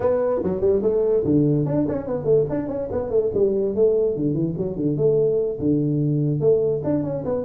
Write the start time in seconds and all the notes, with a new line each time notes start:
0.00 B3
0.43 F#3
0.61 G3
0.82 A3
1.24 D3
1.65 D4
1.88 C#4
2.07 B3
2.24 A3
2.49 D4
2.68 C#4
2.91 B3
3.10 A3
3.33 G3
3.75 A3
4.16 D3
4.33 E3
4.57 F#3
4.76 D3
4.97 A3
5.59 D3
6.40 A3
6.84 D4
7.03 C#4
7.25 B3